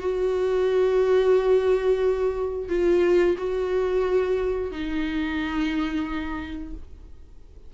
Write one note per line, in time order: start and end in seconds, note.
0.00 2.69 F#4
2.69 3.36 F4
3.37 4.71 F#4
4.71 6.74 D#4